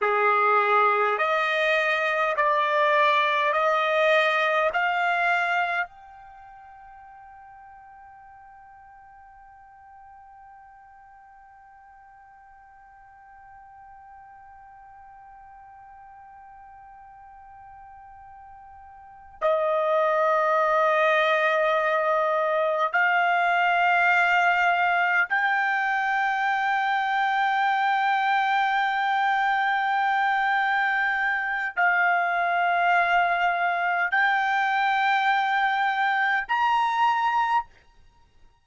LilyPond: \new Staff \with { instrumentName = "trumpet" } { \time 4/4 \tempo 4 = 51 gis'4 dis''4 d''4 dis''4 | f''4 g''2.~ | g''1~ | g''1~ |
g''8 dis''2. f''8~ | f''4. g''2~ g''8~ | g''2. f''4~ | f''4 g''2 ais''4 | }